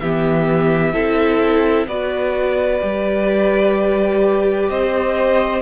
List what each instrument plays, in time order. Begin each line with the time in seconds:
0.00 cello E3, viola B3, violin G4 E5
0.93 cello C4, viola E4, violin A4
1.87 cello B3, viola F#4, violin B4 D5
2.81 cello G3, viola G4
4.69 cello C4, violin C5 D#5